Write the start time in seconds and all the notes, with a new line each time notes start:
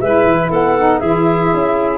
0.00 G#3 E4 B4 E5
0.25 E3
0.50 B3 A4 F#5
0.78 D#4
0.99 E3 E4 G#4 E5
1.53 C#4